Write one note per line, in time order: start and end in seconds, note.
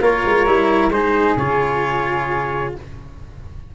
0.00 0.23 A#3
0.00 0.46 F4
0.00 0.92 A#4
0.00 0.91 C#5
0.25 0.46 G#3
0.46 0.89 G3
0.46 0.91 E4
0.89 1.35 G#3
0.89 1.38 D#4
0.89 2.74 G#4
0.89 1.36 C5
1.36 2.73 C#3
1.36 2.75 F4
1.36 2.74 C#5